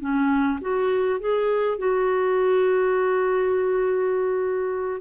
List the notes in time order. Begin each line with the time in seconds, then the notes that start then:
0.00 C#4
0.61 F#4
1.20 G#4
1.78 F#4